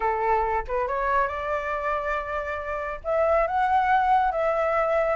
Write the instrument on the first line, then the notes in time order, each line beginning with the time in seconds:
flute
0.00 A4
0.67 B4
0.87 C#5
1.27 D5
3.04 E5
3.47 F#5
4.31 E5